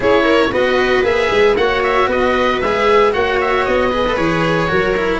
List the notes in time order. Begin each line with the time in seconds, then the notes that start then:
0.00 C#4 E4 G#4 C#5
0.23 A#4
0.51 B3 F#4 B4 D#5
1.03 A#3 G#4 E5
1.30 G#3
1.56 A#3 F#4 C#5 F#5
1.83 E5
2.07 B3 B4 D#5
2.60 G#3 G#4 E5
3.12 A#3 F#4 C#5 F#5
3.40 E5
3.65 B3 D#5
3.89 G#4 B4
4.07 A4
4.16 E3 G#4 C#5
4.68 F#3 F#4 A#4
4.97 E4